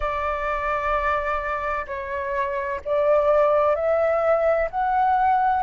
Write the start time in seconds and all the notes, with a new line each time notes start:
0.00 D5
1.87 C#5
2.84 D5
3.75 E5
4.70 F#5